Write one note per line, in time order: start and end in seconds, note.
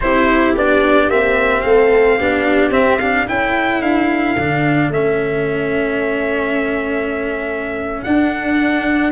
0.00 0.55 C4
0.00 0.56 E4
0.00 1.64 G4
0.00 0.55 C5
0.55 1.08 B3
0.55 1.10 D4
0.55 1.09 D5
1.08 1.63 A#3
1.08 2.19 C4
1.08 1.61 E5
1.61 2.19 A3
1.61 2.17 A4
1.61 2.70 F5
2.17 2.70 B3
2.17 2.71 D4
2.17 3.26 G4
2.70 3.25 C4
2.70 2.98 C4
2.70 2.99 E5
2.99 3.27 D4
2.99 3.26 F5
3.27 3.81 C#4
3.27 4.36 E4
3.27 9.11 A4
3.27 3.82 G5
3.81 4.36 D4
3.81 4.91 F5
4.36 4.89 D3
4.36 4.93 D4
4.89 8.02 A3
4.89 8.05 C#4
4.89 8.03 E5
8.03 9.11 D4
8.03 9.11 F#5